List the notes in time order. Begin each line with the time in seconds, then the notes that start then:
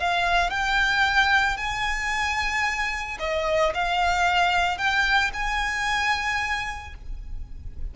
0.00 F5
0.51 G5
1.57 G#5
3.20 D#5
3.75 F5
4.78 G5
5.34 G#5